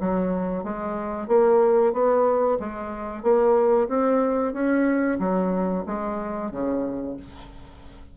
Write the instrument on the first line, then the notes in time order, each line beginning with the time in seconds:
bassoon
0.00 F#3
0.64 G#3
1.28 A#3
1.93 B3
2.60 G#3
3.23 A#3
3.89 C4
4.53 C#4
5.19 F#3
5.86 G#3
6.52 C#3